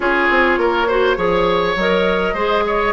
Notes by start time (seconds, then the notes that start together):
0.00 C#4 F4 G#4 C#5
0.29 C4
0.57 A#3 A#4
0.87 F#4 C5
1.16 F3 G#4 C#5
1.75 F#3 A#4 D#5
2.33 G#3 G#4 C5
2.66 C#5